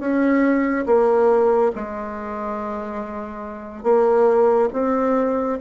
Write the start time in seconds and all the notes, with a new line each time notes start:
0.00 C#4
0.86 A#3
1.75 G#3
3.83 A#3
4.73 C4